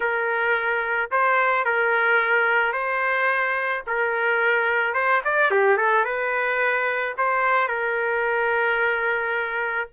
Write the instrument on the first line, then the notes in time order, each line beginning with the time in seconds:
trumpet
0.00 A#4
1.11 C5
1.65 A#4
2.72 C5
3.87 A#4
4.94 C5
5.24 D5
5.50 G4
5.77 A4
6.04 B4
7.17 C5
7.68 A#4